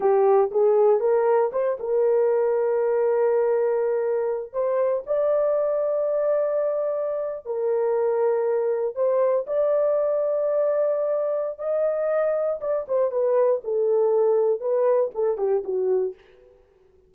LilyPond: \new Staff \with { instrumentName = "horn" } { \time 4/4 \tempo 4 = 119 g'4 gis'4 ais'4 c''8 ais'8~ | ais'1~ | ais'4 c''4 d''2~ | d''2~ d''8. ais'4~ ais'16~ |
ais'4.~ ais'16 c''4 d''4~ d''16~ | d''2. dis''4~ | dis''4 d''8 c''8 b'4 a'4~ | a'4 b'4 a'8 g'8 fis'4 | }